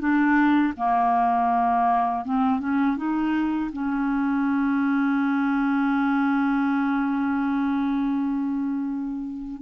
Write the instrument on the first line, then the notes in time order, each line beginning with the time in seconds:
clarinet
0.00 D4
0.77 A#3
2.25 C4
2.60 C#4
2.97 D#4
3.73 C#4